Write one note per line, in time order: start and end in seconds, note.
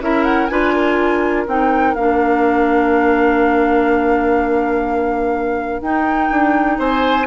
0.00 0.48 C#4
0.00 0.49 E4
0.00 0.51 A#4
0.00 0.24 E5
0.24 0.46 F#5
0.46 1.47 D4
0.46 1.46 F4
0.46 0.74 B4
0.46 1.43 G#5
0.74 6.78 A#4
1.47 1.94 C4
1.47 1.96 D#4
1.47 1.94 G5
1.94 5.81 A#3
1.94 5.82 D4
1.94 5.82 F5
5.81 6.29 D#4
5.81 7.27 D#4
5.81 6.79 G5
6.30 6.78 D4
6.78 7.27 C4
6.78 7.27 C5
6.78 7.27 G#5